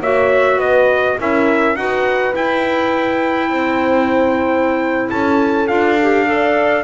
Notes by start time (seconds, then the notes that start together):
0.00 A#3 F#4 C#5 E5
0.57 B3 B4 D#5
1.19 C#4 E4 A#4 E5
1.76 D#4 F#4 B4 F#5
2.34 E4 G5
3.50 C4 C5
5.10 C#4 A4 A5
5.68 D4 F4 F5
6.02 G4
6.27 A4 D5